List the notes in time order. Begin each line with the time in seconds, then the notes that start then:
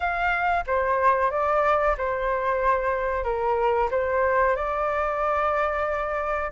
0.00 F5
0.66 C5
1.30 D5
1.97 C5
3.24 A#4
3.90 C5
4.56 D5